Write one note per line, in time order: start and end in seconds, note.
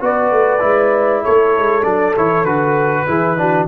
0.00 0.31 B3
0.00 0.60 F#4
0.00 1.24 B4
0.00 1.24 D5
0.31 0.61 A3
0.60 1.24 G#3
0.60 1.82 E4
1.24 1.57 A3
1.24 3.07 A4
1.24 1.83 C#5
1.57 1.84 G#3
1.83 2.15 F#3
1.83 2.15 D4
1.83 2.14 D5
2.17 2.44 E3
2.17 2.46 E4
2.17 2.45 C#5
2.44 3.05 D3
2.44 3.07 F#4
2.44 3.67 B4
3.07 3.68 E3
3.07 3.37 E4
3.07 3.38 G#4
3.37 3.68 D4
3.37 3.68 F#4